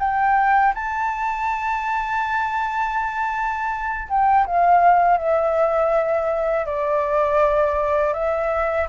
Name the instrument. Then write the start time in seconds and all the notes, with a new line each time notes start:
flute
0.00 G5
0.75 A5
4.09 G5
4.46 F5
5.18 E5
6.66 D5
8.14 E5